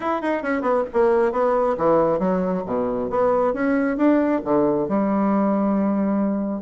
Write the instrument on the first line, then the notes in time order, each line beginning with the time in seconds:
bassoon
0.00 E4
0.21 D#4
0.42 C#4
0.61 B3
0.93 A#3
1.32 B3
1.77 E3
2.19 F#3
2.66 B2
3.10 B3
3.53 C#4
3.97 D4
4.44 D3
4.88 G3